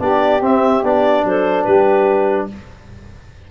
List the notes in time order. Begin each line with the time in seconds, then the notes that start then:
0.00 B3 D4 G4 D5
0.41 C4 E5
0.84 B3 D4 D5
1.25 F#3 A4 C5
1.64 G3 G4 B4